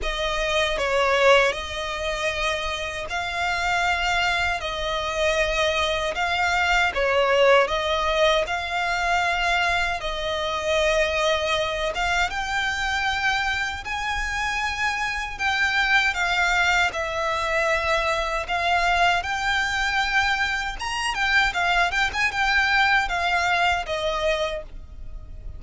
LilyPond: \new Staff \with { instrumentName = "violin" } { \time 4/4 \tempo 4 = 78 dis''4 cis''4 dis''2 | f''2 dis''2 | f''4 cis''4 dis''4 f''4~ | f''4 dis''2~ dis''8 f''8 |
g''2 gis''2 | g''4 f''4 e''2 | f''4 g''2 ais''8 g''8 | f''8 g''16 gis''16 g''4 f''4 dis''4 | }